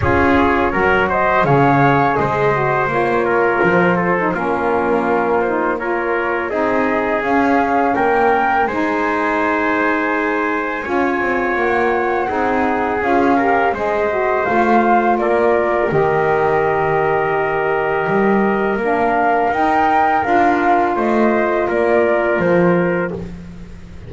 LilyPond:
<<
  \new Staff \with { instrumentName = "flute" } { \time 4/4 \tempo 4 = 83 cis''4. dis''8 f''4 dis''4 | cis''4 c''4 ais'4. c''8 | cis''4 dis''4 f''4 g''4 | gis''1 |
fis''2 f''4 dis''4 | f''4 d''4 dis''2~ | dis''2 f''4 g''4 | f''4 dis''4 d''4 c''4 | }
  \new Staff \with { instrumentName = "trumpet" } { \time 4/4 gis'4 ais'8 c''8 cis''4 c''4~ | c''8 ais'4 a'8 f'2 | ais'4 gis'2 ais'4 | c''2. cis''4~ |
cis''4 gis'4. ais'8 c''4~ | c''4 ais'2.~ | ais'1~ | ais'4 c''4 ais'2 | }
  \new Staff \with { instrumentName = "saxophone" } { \time 4/4 f'4 fis'4 gis'4. fis'8 | f'4.~ f'16 dis'16 cis'4. dis'8 | f'4 dis'4 cis'2 | dis'2. f'4~ |
f'4 dis'4 f'8 g'8 gis'8 fis'8 | f'2 g'2~ | g'2 d'4 dis'4 | f'1 | }
  \new Staff \with { instrumentName = "double bass" } { \time 4/4 cis'4 fis4 cis4 gis4 | ais4 f4 ais2~ | ais4 c'4 cis'4 ais4 | gis2. cis'8 c'8 |
ais4 c'4 cis'4 gis4 | a4 ais4 dis2~ | dis4 g4 ais4 dis'4 | d'4 a4 ais4 f4 | }
>>